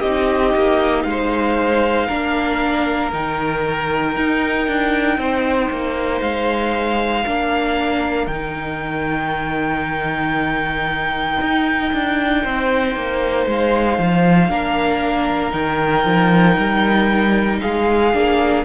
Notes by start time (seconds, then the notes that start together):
0.00 C4 D#4 G4 D#5
0.55 A#3
1.03 G#3 F5
1.10 C5
2.07 A#3 D4 A#4
3.12 D#3 D#4 G5
4.16 D#4
4.67 D4
5.17 C4 C5
5.70 A#3
6.21 G#3 F5
7.24 A#3 D4 A#4
8.27 D#3 G5
8.33 D#4
11.41 D#4
11.93 D4
12.44 C4 C5
12.95 A#3
13.47 G#3 F5
13.98 F3
14.48 A#3 D4 A#4
15.50 D#3 D#4 G5
16.05 F3
16.57 G3
17.61 G#3 G#4 F5
18.14 A#3 D4